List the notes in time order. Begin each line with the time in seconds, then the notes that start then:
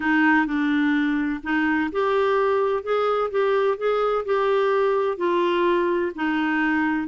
0.00 D#4
0.46 D4
1.43 D#4
1.92 G4
2.83 G#4
3.30 G4
3.77 G#4
4.25 G4
5.17 F4
6.15 D#4